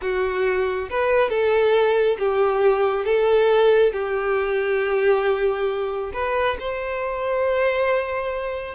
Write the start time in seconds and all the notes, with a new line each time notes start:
0.01 F#4
0.90 B4
1.29 A4
2.18 G4
3.05 A4
3.92 G4
6.13 B4
6.59 C5